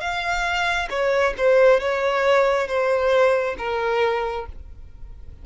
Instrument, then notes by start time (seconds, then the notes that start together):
violin
0.00 F5
0.90 C#5
1.37 C5
1.80 C#5
2.67 C5
3.58 A#4